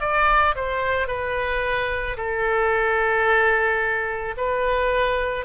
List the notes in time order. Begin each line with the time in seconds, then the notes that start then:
0.00 D5
0.55 C5
1.07 B4
2.17 A4
4.36 B4